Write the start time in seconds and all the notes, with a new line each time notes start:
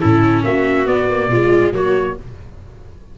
0.00 A2 C#4 E4 A4
0.44 A#3 F#4 E5
0.86 B3 D5
1.10 A#3
1.27 B2 G#3 F4
1.72 F#3 A#3 F#4 C#5